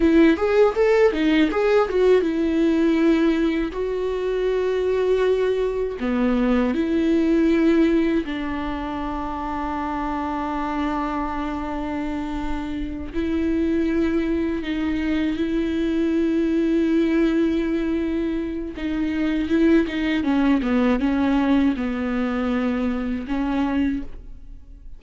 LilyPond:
\new Staff \with { instrumentName = "viola" } { \time 4/4 \tempo 4 = 80 e'8 gis'8 a'8 dis'8 gis'8 fis'8 e'4~ | e'4 fis'2. | b4 e'2 d'4~ | d'1~ |
d'4. e'2 dis'8~ | dis'8 e'2.~ e'8~ | e'4 dis'4 e'8 dis'8 cis'8 b8 | cis'4 b2 cis'4 | }